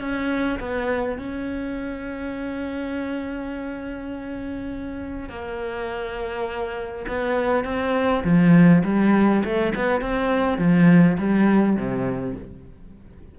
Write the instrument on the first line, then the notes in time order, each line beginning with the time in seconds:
cello
0.00 C#4
0.60 B3
1.18 C#4
5.29 A#3
7.08 B3
7.64 C4
8.24 F3
8.84 G3
9.44 A3
9.75 B3
10.01 C4
10.58 F3
11.18 G3
11.76 C3